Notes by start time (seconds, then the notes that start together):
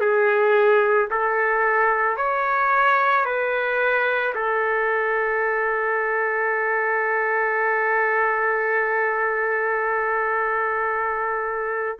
0.00 G#4
1.10 A4
2.16 C#5
3.25 B4
4.34 A4